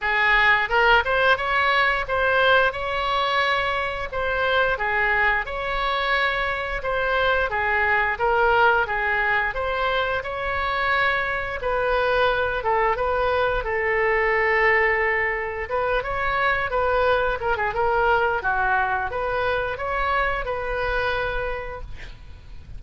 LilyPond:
\new Staff \with { instrumentName = "oboe" } { \time 4/4 \tempo 4 = 88 gis'4 ais'8 c''8 cis''4 c''4 | cis''2 c''4 gis'4 | cis''2 c''4 gis'4 | ais'4 gis'4 c''4 cis''4~ |
cis''4 b'4. a'8 b'4 | a'2. b'8 cis''8~ | cis''8 b'4 ais'16 gis'16 ais'4 fis'4 | b'4 cis''4 b'2 | }